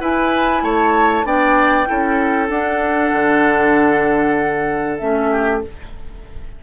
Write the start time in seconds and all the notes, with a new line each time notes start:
0.00 E4 B4 G#5
0.62 A3 C#5 A5
1.24 B3 D4 D5 G5
1.86 C#4 E4 A4
2.48 D4 F#5
3.12 D3
4.98 A3 C#4 E5
5.31 G4